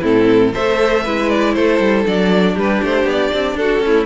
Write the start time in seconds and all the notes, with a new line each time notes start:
0.00 A2 C4 E4 A4
0.53 A3 A4 C5 E5
1.03 G#3 E4 B4
1.29 D5
1.53 A3 A4 C5
1.79 G3
2.06 F#3 D4 D5
2.54 G3 G4 B4
2.83 A3 C5
3.04 B3 D5
3.33 C4
3.55 D4 F#4 A4
3.80 A3 C#4 E4